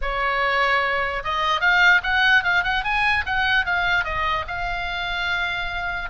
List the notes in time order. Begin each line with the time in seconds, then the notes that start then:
0.01 C#5
1.24 D#5
1.60 F5
2.03 F#5
2.43 F5
2.63 F#5
2.84 G#5
3.25 F#5
3.65 F5
4.04 D#5
4.47 F5